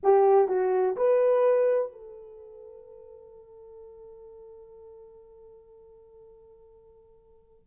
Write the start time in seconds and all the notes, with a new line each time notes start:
0.03 G4
0.48 F#4
0.96 B4
1.92 A4